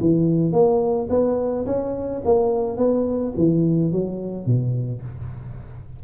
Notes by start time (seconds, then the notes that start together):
0.00 E3
0.52 A#3
1.09 B3
1.66 C#4
2.25 A#3
2.77 B3
3.36 E3
3.92 F#3
4.46 B2